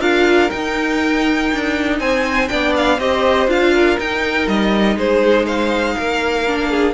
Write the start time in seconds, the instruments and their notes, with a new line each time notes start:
0.00 cello D4, viola F4, violin A#4 F5
0.51 viola D#4, cello D#4, violin G5
1.53 cello D4
2.00 cello C4, violin C5 G#5
2.48 cello B3, viola D4, violin D5 G5
2.76 violin F5
2.99 cello C4, viola G4, violin C5 D#5
3.48 cello D4, viola F4, violin F5
3.74 violin A#4
3.99 viola D#4, cello D#4, violin G5
4.48 cello G3, violin D#5
4.96 cello G#3, violin G#4 C5
5.46 violin C5 F5
5.98 cello A#3, violin A#4
6.47 viola D4
6.70 violin G#4